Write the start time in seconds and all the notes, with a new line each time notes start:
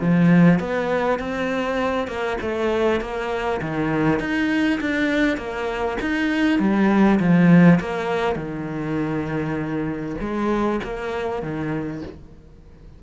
0.00 F3
0.59 B3
1.19 C4
2.07 A#3
2.41 A3
3.01 A#3
3.61 D#3
4.19 D#4
4.80 D4
5.37 A#3
6.01 D#4
6.59 G3
7.19 F3
7.80 A#3
8.35 D#3
10.20 G#3
10.83 A#3
11.42 D#3